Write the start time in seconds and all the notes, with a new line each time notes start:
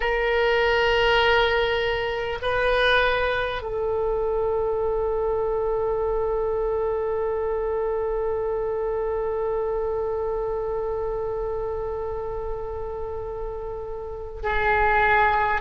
0.00 A#4
2.42 B4
3.62 A4
14.42 G#4